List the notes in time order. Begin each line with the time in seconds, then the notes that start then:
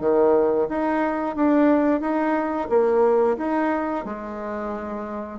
0.00 D#3
0.68 D#4
1.35 D4
2.00 D#4
2.69 A#3
3.37 D#4
4.04 G#3